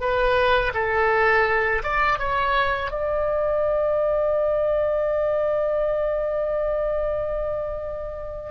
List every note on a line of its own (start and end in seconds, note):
0.00 0.72 B4
0.74 1.82 A4
1.83 2.18 D5
2.18 2.90 C#5
2.90 8.50 D5